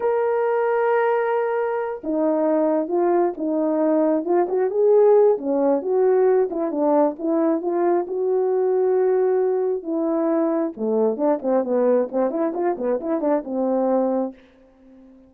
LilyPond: \new Staff \with { instrumentName = "horn" } { \time 4/4 \tempo 4 = 134 ais'1~ | ais'8 dis'2 f'4 dis'8~ | dis'4. f'8 fis'8 gis'4. | cis'4 fis'4. e'8 d'4 |
e'4 f'4 fis'2~ | fis'2 e'2 | a4 d'8 c'8 b4 c'8 e'8 | f'8 b8 e'8 d'8 c'2 | }